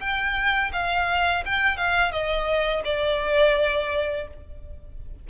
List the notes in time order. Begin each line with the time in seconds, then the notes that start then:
0.00 G5
0.73 F5
1.45 G5
1.77 F5
2.12 D#5
2.84 D5